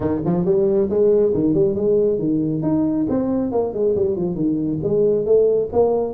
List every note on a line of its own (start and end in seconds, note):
0.00 0.21 D#3
0.25 0.45 F3
0.45 0.89 G3
0.89 1.33 G#3
1.34 1.53 D#3
1.53 1.75 G3
1.75 2.18 G#3
2.18 2.62 D#3
2.62 3.06 D#4
3.09 3.51 C4
3.51 3.73 A#3
3.73 3.95 G#3
3.95 4.16 G3
4.16 4.35 F3
4.35 4.79 D#3
4.83 5.25 G#3
5.25 5.69 A3
5.72 6.13 A#3